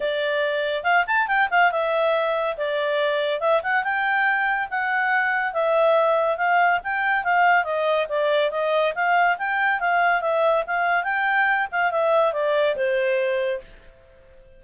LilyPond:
\new Staff \with { instrumentName = "clarinet" } { \time 4/4 \tempo 4 = 141 d''2 f''8 a''8 g''8 f''8 | e''2 d''2 | e''8 fis''8 g''2 fis''4~ | fis''4 e''2 f''4 |
g''4 f''4 dis''4 d''4 | dis''4 f''4 g''4 f''4 | e''4 f''4 g''4. f''8 | e''4 d''4 c''2 | }